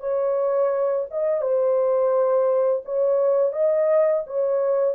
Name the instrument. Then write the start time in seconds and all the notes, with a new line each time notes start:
horn
0.00 C#5
1.11 D#5
1.42 C5
2.85 C#5
3.53 D#5
4.27 C#5